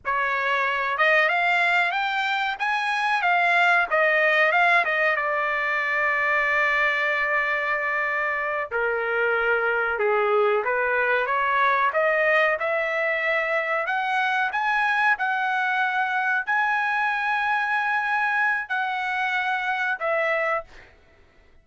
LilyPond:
\new Staff \with { instrumentName = "trumpet" } { \time 4/4 \tempo 4 = 93 cis''4. dis''8 f''4 g''4 | gis''4 f''4 dis''4 f''8 dis''8 | d''1~ | d''4. ais'2 gis'8~ |
gis'8 b'4 cis''4 dis''4 e''8~ | e''4. fis''4 gis''4 fis''8~ | fis''4. gis''2~ gis''8~ | gis''4 fis''2 e''4 | }